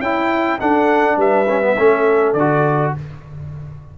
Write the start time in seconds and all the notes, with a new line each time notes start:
0.00 C#4 E4 G5
0.59 D4 A4 F#5
1.17 G3 B4 E5
1.49 C#4
1.62 B3
1.78 A3 C#4 A4
2.33 D3 D5
2.40 F#4